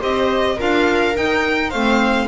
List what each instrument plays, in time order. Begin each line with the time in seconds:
0.00 double bass C4, clarinet G4, viola C5, violin D#5
0.57 double bass D4, clarinet F4, viola A#4, violin F5
1.15 clarinet D#4, double bass D#4, violin G5
1.70 double bass A3, clarinet C4, viola C5, violin F5